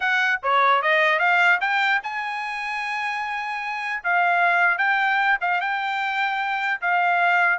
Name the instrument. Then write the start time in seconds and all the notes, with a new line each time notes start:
trumpet
0.00 F#5
0.42 C#5
0.81 D#5
1.19 F5
1.60 G5
2.03 G#5
4.03 F5
4.77 G5
5.40 F5
5.61 G5
6.81 F5